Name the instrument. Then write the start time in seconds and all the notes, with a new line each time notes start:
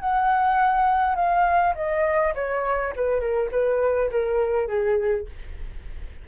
flute
0.00 F#5
1.16 F5
1.75 D#5
2.35 C#5
2.96 B4
3.21 A#4
3.52 B4
4.11 A#4
4.68 G#4